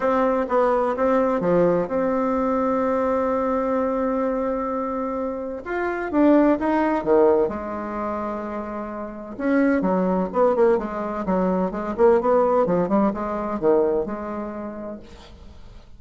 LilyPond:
\new Staff \with { instrumentName = "bassoon" } { \time 4/4 \tempo 4 = 128 c'4 b4 c'4 f4 | c'1~ | c'1 | f'4 d'4 dis'4 dis4 |
gis1 | cis'4 fis4 b8 ais8 gis4 | fis4 gis8 ais8 b4 f8 g8 | gis4 dis4 gis2 | }